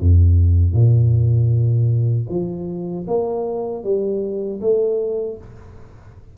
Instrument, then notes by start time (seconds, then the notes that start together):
tuba
0.00 F2
0.73 A#2
2.29 F3
3.08 A#3
3.84 G3
4.61 A3